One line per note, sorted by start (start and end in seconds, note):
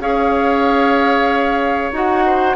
0.00 1.91 C#4
0.00 1.92 G#4
0.00 2.25 C#5
0.00 1.92 F5
1.92 2.56 D#4
1.92 2.56 F#4
1.92 2.56 F#5
2.26 2.56 C5